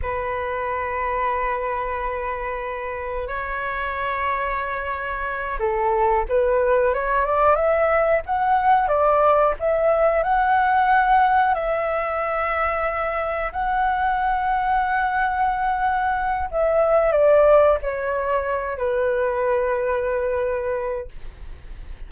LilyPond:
\new Staff \with { instrumentName = "flute" } { \time 4/4 \tempo 4 = 91 b'1~ | b'4 cis''2.~ | cis''8 a'4 b'4 cis''8 d''8 e''8~ | e''8 fis''4 d''4 e''4 fis''8~ |
fis''4. e''2~ e''8~ | e''8 fis''2.~ fis''8~ | fis''4 e''4 d''4 cis''4~ | cis''8 b'2.~ b'8 | }